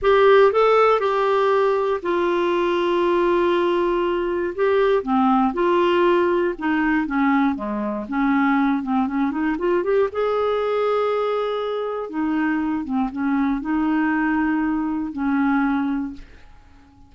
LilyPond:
\new Staff \with { instrumentName = "clarinet" } { \time 4/4 \tempo 4 = 119 g'4 a'4 g'2 | f'1~ | f'4 g'4 c'4 f'4~ | f'4 dis'4 cis'4 gis4 |
cis'4. c'8 cis'8 dis'8 f'8 g'8 | gis'1 | dis'4. c'8 cis'4 dis'4~ | dis'2 cis'2 | }